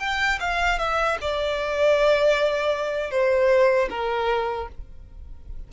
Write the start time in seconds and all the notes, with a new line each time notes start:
0.00 G5
0.40 F5
0.79 E5
1.21 D5
3.11 C5
3.90 A#4